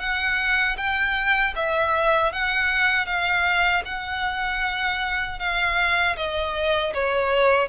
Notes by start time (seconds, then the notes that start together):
0.00 F#5
0.78 G5
1.56 E5
2.33 F#5
3.06 F5
3.86 F#5
5.40 F5
6.17 D#5
6.94 C#5